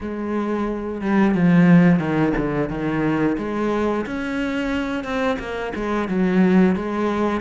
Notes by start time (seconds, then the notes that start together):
0.00 G#3
1.01 G3
1.35 F3
1.99 D#3
2.37 D3
2.69 D#3
3.38 G#3
4.06 C#4
5.04 C4
5.39 A#3
5.75 G#3
6.08 F#3
6.75 G#3